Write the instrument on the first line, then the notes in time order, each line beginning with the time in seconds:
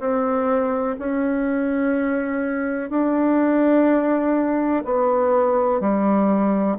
bassoon
0.00 C4
0.99 C#4
2.90 D4
4.85 B3
5.81 G3